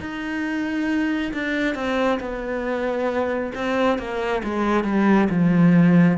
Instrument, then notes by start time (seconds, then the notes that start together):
cello
0.00 D#4
1.33 D4
1.75 C4
2.20 B3
3.55 C4
3.98 A#3
4.44 G#3
4.84 G3
5.29 F3